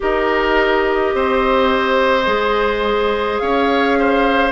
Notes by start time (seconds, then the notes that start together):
0.00 D#4 G4 A#4 D#5
1.14 C4 C5
2.25 G#3 G#4
3.38 C#4 C#5 F5
3.98 C5